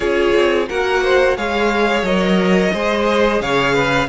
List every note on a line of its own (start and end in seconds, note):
0.00 0.33 C#4
0.00 0.67 F4
0.00 0.67 G#4
0.00 0.68 C#5
0.34 0.68 C4
0.68 1.37 A#3
0.68 1.37 F#4
0.68 1.03 A#4
0.68 1.37 F#5
1.03 1.37 C5
1.37 2.02 G#3
1.37 2.05 G#4
1.37 2.73 C#5
1.37 2.04 F5
2.02 2.70 F#3
2.02 2.73 A#4
2.02 3.41 D#5
2.73 3.40 G#3
2.73 4.08 G#4
2.73 3.41 C5
3.40 4.08 C#3
3.40 3.73 C#5
3.40 4.08 F5
3.73 4.07 B4